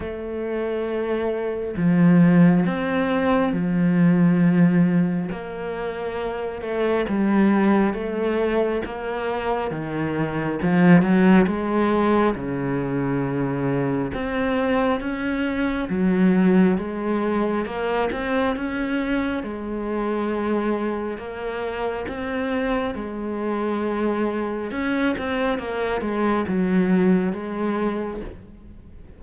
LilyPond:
\new Staff \with { instrumentName = "cello" } { \time 4/4 \tempo 4 = 68 a2 f4 c'4 | f2 ais4. a8 | g4 a4 ais4 dis4 | f8 fis8 gis4 cis2 |
c'4 cis'4 fis4 gis4 | ais8 c'8 cis'4 gis2 | ais4 c'4 gis2 | cis'8 c'8 ais8 gis8 fis4 gis4 | }